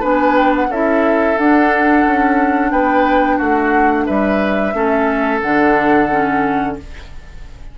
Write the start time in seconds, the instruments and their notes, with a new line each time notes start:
0.00 bassoon B3, clarinet D4, oboe B4, flute G#5
0.37 flute G5
0.56 flute F#5
0.69 bassoon C#4, clarinet E4, oboe A4, flute E5
1.37 clarinet D4, bassoon D4, flute F#5
2.06 bassoon C#4
2.71 bassoon B3, oboe B4, flute G5
3.37 bassoon A3, oboe F#4, flute F#5
4.06 bassoon G3, oboe B4, flute E5
4.74 bassoon A3, clarinet C#4, oboe A4
5.42 bassoon D3, clarinet D4, flute F#5
6.11 clarinet C#4